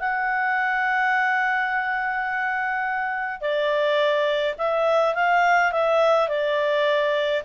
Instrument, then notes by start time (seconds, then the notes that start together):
clarinet
0.00 F#5
3.41 D5
4.58 E5
5.15 F5
5.72 E5
6.29 D5